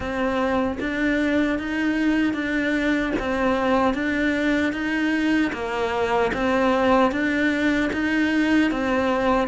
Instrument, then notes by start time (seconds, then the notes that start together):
cello
0.00 C4
0.79 D4
1.59 D#4
2.33 D4
3.19 C4
3.94 D4
4.72 D#4
5.52 A#3
6.33 C4
7.11 D4
7.92 D#4
8.71 C4